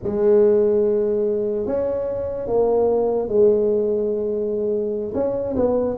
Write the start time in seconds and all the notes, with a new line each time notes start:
0.03 G#3
1.66 C#4
2.47 A#3
3.28 G#3
5.14 C#4
5.56 B3